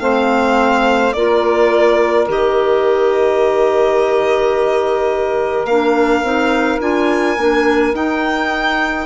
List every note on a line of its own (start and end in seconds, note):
0.00 1.13 A3
0.00 1.13 C4
0.00 1.15 C5
0.00 1.13 F5
1.13 2.28 A#3
1.13 2.28 F4
1.13 9.07 A#4
1.13 2.27 D5
2.28 5.65 D#3
2.28 5.68 G4
2.28 5.66 D#5
5.65 6.22 A#3
5.65 6.25 D4
5.65 6.79 F5
6.23 6.80 C4
6.23 6.81 D#4
6.81 7.37 D4
6.81 7.37 F4
6.81 7.95 G#5
7.37 7.94 A#3
7.37 7.94 D4
7.94 9.07 D#4
7.94 9.07 G5